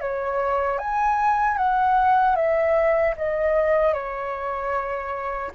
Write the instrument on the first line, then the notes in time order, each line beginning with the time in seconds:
flute
0.00 C#5
0.78 G#5
1.57 F#5
2.35 E5
3.17 D#5
3.93 C#5